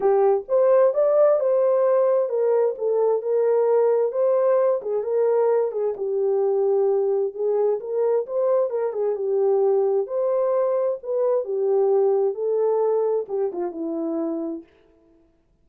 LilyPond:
\new Staff \with { instrumentName = "horn" } { \time 4/4 \tempo 4 = 131 g'4 c''4 d''4 c''4~ | c''4 ais'4 a'4 ais'4~ | ais'4 c''4. gis'8 ais'4~ | ais'8 gis'8 g'2. |
gis'4 ais'4 c''4 ais'8 gis'8 | g'2 c''2 | b'4 g'2 a'4~ | a'4 g'8 f'8 e'2 | }